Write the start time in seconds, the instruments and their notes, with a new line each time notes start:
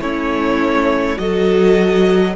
0.00 cello A3, viola C#4, violin E4 C#5
1.17 cello F#3, viola F#4, violin A4 D#5